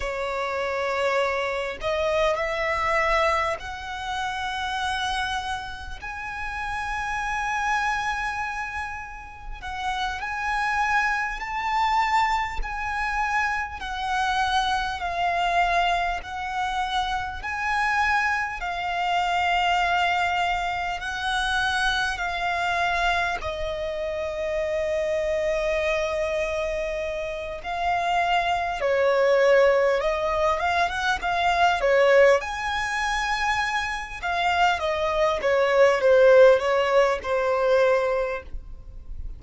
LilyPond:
\new Staff \with { instrumentName = "violin" } { \time 4/4 \tempo 4 = 50 cis''4. dis''8 e''4 fis''4~ | fis''4 gis''2. | fis''8 gis''4 a''4 gis''4 fis''8~ | fis''8 f''4 fis''4 gis''4 f''8~ |
f''4. fis''4 f''4 dis''8~ | dis''2. f''4 | cis''4 dis''8 f''16 fis''16 f''8 cis''8 gis''4~ | gis''8 f''8 dis''8 cis''8 c''8 cis''8 c''4 | }